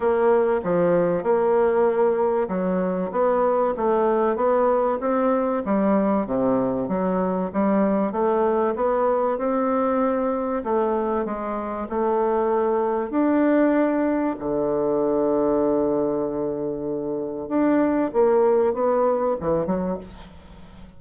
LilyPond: \new Staff \with { instrumentName = "bassoon" } { \time 4/4 \tempo 4 = 96 ais4 f4 ais2 | fis4 b4 a4 b4 | c'4 g4 c4 fis4 | g4 a4 b4 c'4~ |
c'4 a4 gis4 a4~ | a4 d'2 d4~ | d1 | d'4 ais4 b4 e8 fis8 | }